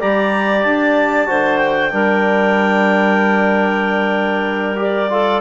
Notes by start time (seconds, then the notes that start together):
0.00 G3 G4 D5 A#5
0.63 D4 A5
1.26 D3 F#4 C5
1.58 G5
1.90 G3 D4 A#4
4.76 G4 D5
5.10 F4 A4